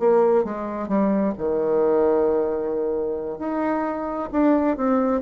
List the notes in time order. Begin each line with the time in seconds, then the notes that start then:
0.00 A#3
0.45 G#3
0.88 G3
1.38 D#3
3.39 D#4
4.32 D4
4.77 C4